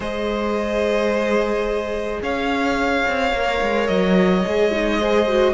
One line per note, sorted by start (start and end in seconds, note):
0.00 2.20 G#3
0.00 3.33 G#4
0.00 2.21 C5
0.00 2.22 D#5
2.22 3.05 C#4
2.22 5.00 C#5
2.22 3.87 F5
3.07 3.32 C4
3.32 3.60 A#3
3.32 4.45 A#4
3.61 3.89 G#3
3.87 4.44 F#3
3.87 5.53 D#5
4.45 5.53 G#3
4.45 4.71 G#4
4.71 4.99 D#4
5.00 5.28 G#4
5.00 5.53 C5
5.28 5.53 F#4